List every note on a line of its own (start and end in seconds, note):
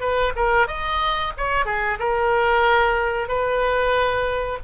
0.00 0.33 B4
0.36 0.67 A#4
0.67 1.32 D#5
1.37 1.65 C#5
1.65 1.98 G#4
1.99 3.28 A#4
3.28 4.58 B4